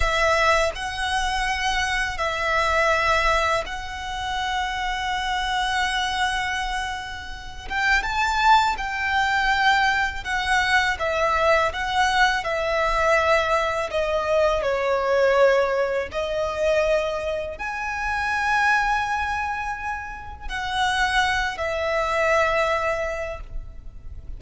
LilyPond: \new Staff \with { instrumentName = "violin" } { \time 4/4 \tempo 4 = 82 e''4 fis''2 e''4~ | e''4 fis''2.~ | fis''2~ fis''8 g''8 a''4 | g''2 fis''4 e''4 |
fis''4 e''2 dis''4 | cis''2 dis''2 | gis''1 | fis''4. e''2~ e''8 | }